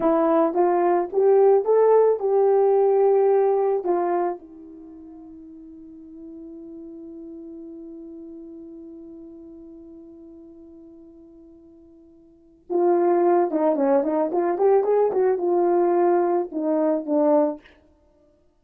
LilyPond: \new Staff \with { instrumentName = "horn" } { \time 4/4 \tempo 4 = 109 e'4 f'4 g'4 a'4 | g'2. f'4 | e'1~ | e'1~ |
e'1~ | e'2. f'4~ | f'8 dis'8 cis'8 dis'8 f'8 g'8 gis'8 fis'8 | f'2 dis'4 d'4 | }